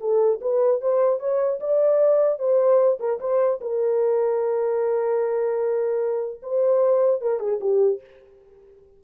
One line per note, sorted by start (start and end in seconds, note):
0.00 0.40 A4
0.41 0.81 B4
0.81 1.19 C5
1.19 1.59 C#5
1.60 2.38 D5
2.38 2.98 C5
2.99 3.19 A#4
3.20 3.60 C5
3.60 6.40 A#4
6.42 7.21 C5
7.21 7.39 A#4
7.39 7.59 G#4
7.60 8.00 G4